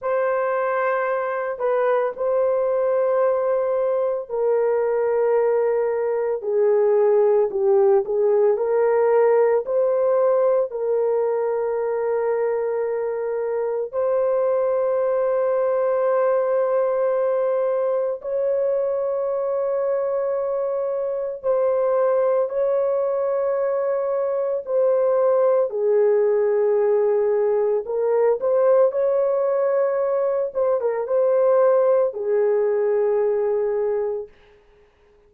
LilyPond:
\new Staff \with { instrumentName = "horn" } { \time 4/4 \tempo 4 = 56 c''4. b'8 c''2 | ais'2 gis'4 g'8 gis'8 | ais'4 c''4 ais'2~ | ais'4 c''2.~ |
c''4 cis''2. | c''4 cis''2 c''4 | gis'2 ais'8 c''8 cis''4~ | cis''8 c''16 ais'16 c''4 gis'2 | }